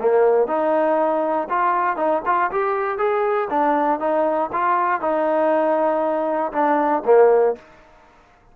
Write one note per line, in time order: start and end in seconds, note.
0.00 0.47 A#3
0.47 1.48 D#4
1.49 1.97 F4
1.97 2.22 D#4
2.26 2.51 F4
2.51 2.98 G4
2.98 3.48 G#4
3.50 3.99 D4
3.99 4.50 D#4
4.52 5.01 F4
5.01 6.52 D#4
6.52 7.03 D4
7.05 7.56 A#3